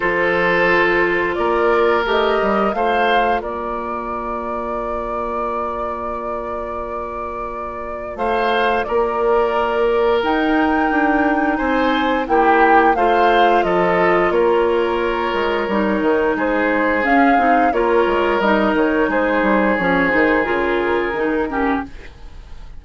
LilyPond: <<
  \new Staff \with { instrumentName = "flute" } { \time 4/4 \tempo 4 = 88 c''2 d''4 dis''4 | f''4 d''2.~ | d''1 | f''4 d''2 g''4~ |
g''4 gis''4 g''4 f''4 | dis''4 cis''2. | c''4 f''4 cis''4 dis''8 cis''8 | c''4 cis''8 c''8 ais'2 | }
  \new Staff \with { instrumentName = "oboe" } { \time 4/4 a'2 ais'2 | c''4 ais'2.~ | ais'1 | c''4 ais'2.~ |
ais'4 c''4 g'4 c''4 | a'4 ais'2. | gis'2 ais'2 | gis'2.~ gis'8 g'8 | }
  \new Staff \with { instrumentName = "clarinet" } { \time 4/4 f'2. g'4 | f'1~ | f'1~ | f'2. dis'4~ |
dis'2 e'4 f'4~ | f'2. dis'4~ | dis'4 cis'8 dis'8 f'4 dis'4~ | dis'4 cis'8 dis'8 f'4 dis'8 cis'8 | }
  \new Staff \with { instrumentName = "bassoon" } { \time 4/4 f2 ais4 a8 g8 | a4 ais2.~ | ais1 | a4 ais2 dis'4 |
d'4 c'4 ais4 a4 | f4 ais4. gis8 g8 dis8 | gis4 cis'8 c'8 ais8 gis8 g8 dis8 | gis8 g8 f8 dis8 cis4 dis4 | }
>>